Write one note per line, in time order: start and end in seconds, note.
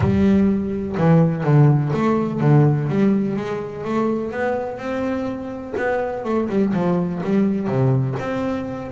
0.00 0.96 G3
0.97 1.43 E3
1.43 1.91 D3
1.93 2.40 A3
2.40 2.88 D3
2.88 3.36 G3
3.36 3.84 G#3
3.84 4.31 A3
4.31 4.77 B3
4.77 5.73 C4
5.77 6.24 B3
6.24 6.48 A3
6.49 6.73 G3
6.73 7.21 F3
7.23 7.67 G3
7.67 8.15 C3
8.19 8.91 C4